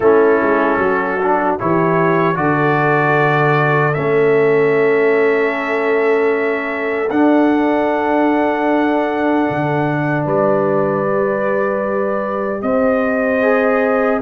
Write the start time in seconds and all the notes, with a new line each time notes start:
0.00 A3 C#4 E4 A4
0.42 G#3
0.77 F#3 F#4
1.21 D4
1.59 E3 E4 G4 C#5
2.34 D3 F#4 A4 D5
3.93 A3 C#4 E5
7.10 D4 F#5
9.50 D3
10.24 G3 B4 D5
11.05 G4
12.62 C4 C5 D#5
13.41 G#4